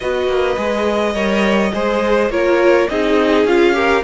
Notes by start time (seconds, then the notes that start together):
0.00 B3 F#4 B4 D#5
0.27 A#3
0.56 G#3 G#4
1.14 G3 A#4 C#5
1.73 G#3 G#4 C5
2.29 A#3 F4 A#4 C#5
2.88 C4 D#4 G#4 D#5
3.44 C#4 F4 F5
3.73 G4 A#4